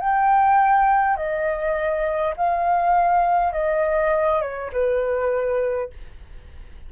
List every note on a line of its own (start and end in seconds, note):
0.00 1.17 G5
1.17 2.34 D#5
2.37 3.53 F5
3.53 4.41 D#5
4.41 4.71 C#5
4.73 5.90 B4